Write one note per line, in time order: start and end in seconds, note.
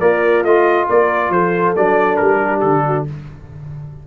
0.00 0.43 A#3
0.00 0.87 F4
0.00 0.44 A#4
0.00 0.43 D5
0.43 0.87 A3
0.43 1.76 F4
0.43 0.87 D#5
0.88 1.29 A#3
0.88 1.31 A#4
0.88 1.31 D5
1.29 1.73 F3
1.29 2.40 A4
1.29 1.75 C5
1.76 2.20 F#3
1.76 3.07 D4
1.76 2.16 D5
2.16 2.62 G3
2.16 2.60 A#4
2.42 2.85 G4
2.60 3.06 D3
2.60 3.04 A4
2.85 3.07 F#4